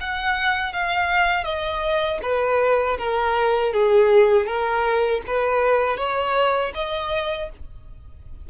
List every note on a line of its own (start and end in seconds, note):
0.00 0.72 F#5
0.72 1.44 F5
1.44 2.19 D#5
2.22 2.97 B4
2.98 3.73 A#4
3.73 4.46 G#4
4.46 5.21 A#4
5.26 5.97 B4
5.97 6.72 C#5
6.74 7.49 D#5